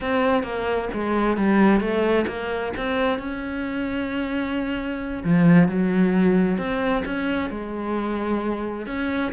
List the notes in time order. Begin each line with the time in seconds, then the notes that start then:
0.01 C4
0.43 A#3
0.93 G#3
1.37 G3
1.80 A3
2.27 A#3
2.76 C4
3.18 C#4
5.24 F3
5.68 F#3
6.58 C4
7.05 C#4
7.50 G#3
8.86 C#4